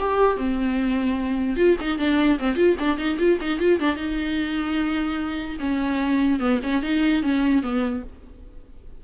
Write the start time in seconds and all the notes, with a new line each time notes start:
0.00 G4
0.37 C4
1.57 F4
1.81 D#4
1.98 D4
2.39 C4
2.56 F4
2.79 D4
2.98 D#4
3.19 F4
3.41 D#4
3.60 F4
3.80 D4
3.96 D#4
5.60 C#4
6.40 B3
6.63 C#4
6.83 D#4
7.23 C#4
7.63 B3